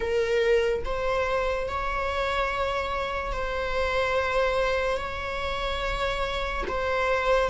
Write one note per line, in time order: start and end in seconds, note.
0.00 0.83 A#4
0.84 1.67 C5
1.67 3.32 C#5
3.32 4.97 C5
4.97 6.64 C#5
6.68 7.49 C5